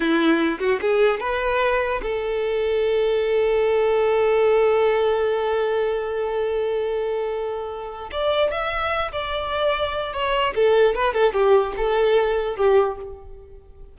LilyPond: \new Staff \with { instrumentName = "violin" } { \time 4/4 \tempo 4 = 148 e'4. fis'8 gis'4 b'4~ | b'4 a'2.~ | a'1~ | a'1~ |
a'1 | d''4 e''4. d''4.~ | d''4 cis''4 a'4 b'8 a'8 | g'4 a'2 g'4 | }